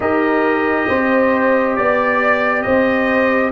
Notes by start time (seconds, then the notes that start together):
0.00 D#4 G4 A#4 D#5
0.88 C4 C5
1.76 B3 D5
2.62 C4 C5 D#5